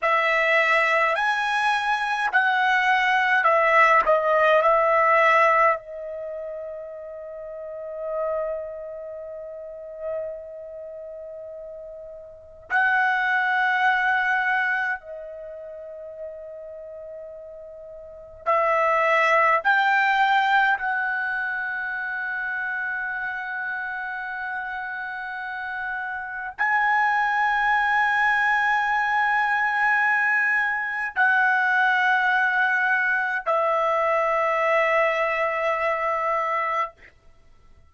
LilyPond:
\new Staff \with { instrumentName = "trumpet" } { \time 4/4 \tempo 4 = 52 e''4 gis''4 fis''4 e''8 dis''8 | e''4 dis''2.~ | dis''2. fis''4~ | fis''4 dis''2. |
e''4 g''4 fis''2~ | fis''2. gis''4~ | gis''2. fis''4~ | fis''4 e''2. | }